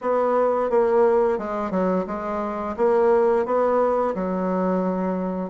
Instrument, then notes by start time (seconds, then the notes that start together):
bassoon
0.01 B3
0.70 A#3
1.38 G#3
1.71 F#3
2.07 G#3
2.76 A#3
3.45 B3
4.14 F#3